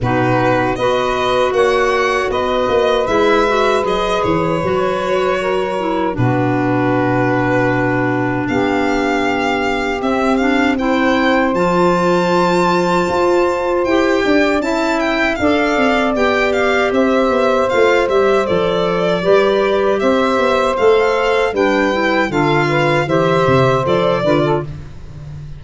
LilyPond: <<
  \new Staff \with { instrumentName = "violin" } { \time 4/4 \tempo 4 = 78 b'4 dis''4 fis''4 dis''4 | e''4 dis''8 cis''2~ cis''8 | b'2. f''4~ | f''4 e''8 f''8 g''4 a''4~ |
a''2 g''4 a''8 g''8 | f''4 g''8 f''8 e''4 f''8 e''8 | d''2 e''4 f''4 | g''4 f''4 e''4 d''4 | }
  \new Staff \with { instrumentName = "saxophone" } { \time 4/4 fis'4 b'4 cis''4 b'4~ | b'2. ais'4 | fis'2. g'4~ | g'2 c''2~ |
c''2~ c''8 d''8 e''4 | d''2 c''2~ | c''4 b'4 c''2 | b'4 a'8 b'8 c''4. b'16 a'16 | }
  \new Staff \with { instrumentName = "clarinet" } { \time 4/4 dis'4 fis'2. | e'8 fis'8 gis'4 fis'4. e'8 | d'1~ | d'4 c'8 d'8 e'4 f'4~ |
f'2 g'4 e'4 | a'4 g'2 f'8 g'8 | a'4 g'2 a'4 | d'8 e'8 f'4 g'4 a'8 f'8 | }
  \new Staff \with { instrumentName = "tuba" } { \time 4/4 b,4 b4 ais4 b8 ais8 | gis4 fis8 e8 fis2 | b,2. b4~ | b4 c'2 f4~ |
f4 f'4 e'8 d'8 cis'4 | d'8 c'8 b4 c'8 b8 a8 g8 | f4 g4 c'8 b8 a4 | g4 d4 e8 c8 f8 d8 | }
>>